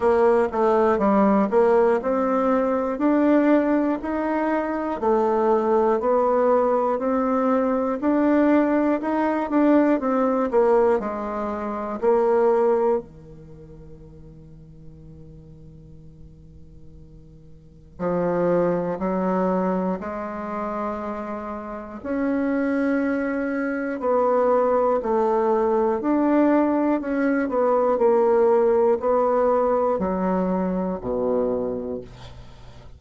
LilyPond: \new Staff \with { instrumentName = "bassoon" } { \time 4/4 \tempo 4 = 60 ais8 a8 g8 ais8 c'4 d'4 | dis'4 a4 b4 c'4 | d'4 dis'8 d'8 c'8 ais8 gis4 | ais4 dis2.~ |
dis2 f4 fis4 | gis2 cis'2 | b4 a4 d'4 cis'8 b8 | ais4 b4 fis4 b,4 | }